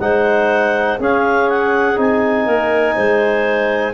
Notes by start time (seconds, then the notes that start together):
0.00 G#3 D#4 C5 F#5
1.00 C#4 G#4 F5
1.50 F#5
1.96 C4 D#4 G#5
2.45 A#3 A#4
2.95 G#3 C5